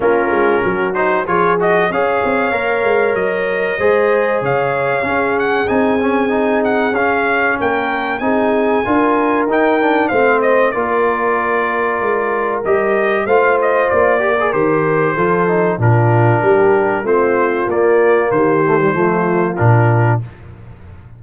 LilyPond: <<
  \new Staff \with { instrumentName = "trumpet" } { \time 4/4 \tempo 4 = 95 ais'4. c''8 cis''8 dis''8 f''4~ | f''4 dis''2 f''4~ | f''8 fis''8 gis''4. fis''8 f''4 | g''4 gis''2 g''4 |
f''8 dis''8 d''2. | dis''4 f''8 dis''8 d''4 c''4~ | c''4 ais'2 c''4 | d''4 c''2 ais'4 | }
  \new Staff \with { instrumentName = "horn" } { \time 4/4 f'4 fis'4 gis'4 cis''4~ | cis''2 c''4 cis''4 | gis'1 | ais'4 gis'4 ais'2 |
c''4 ais'2.~ | ais'4 c''4. ais'4. | a'4 f'4 g'4 f'4~ | f'4 g'4 f'2 | }
  \new Staff \with { instrumentName = "trombone" } { \time 4/4 cis'4. dis'8 f'8 fis'8 gis'4 | ais'2 gis'2 | cis'4 dis'8 cis'8 dis'4 cis'4~ | cis'4 dis'4 f'4 dis'8 d'8 |
c'4 f'2. | g'4 f'4. g'16 gis'16 g'4 | f'8 dis'8 d'2 c'4 | ais4. a16 g16 a4 d'4 | }
  \new Staff \with { instrumentName = "tuba" } { \time 4/4 ais8 gis8 fis4 f4 cis'8 c'8 | ais8 gis8 fis4 gis4 cis4 | cis'4 c'2 cis'4 | ais4 c'4 d'4 dis'4 |
a4 ais2 gis4 | g4 a4 ais4 dis4 | f4 ais,4 g4 a4 | ais4 dis4 f4 ais,4 | }
>>